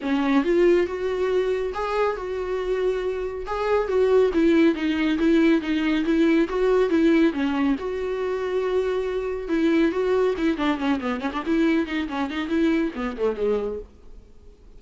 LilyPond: \new Staff \with { instrumentName = "viola" } { \time 4/4 \tempo 4 = 139 cis'4 f'4 fis'2 | gis'4 fis'2. | gis'4 fis'4 e'4 dis'4 | e'4 dis'4 e'4 fis'4 |
e'4 cis'4 fis'2~ | fis'2 e'4 fis'4 | e'8 d'8 cis'8 b8 cis'16 d'16 e'4 dis'8 | cis'8 dis'8 e'4 b8 a8 gis4 | }